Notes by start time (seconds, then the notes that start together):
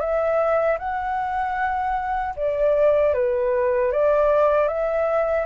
0.00 E5
0.79 F#5
2.37 D5
3.14 B4
3.92 D5
4.68 E5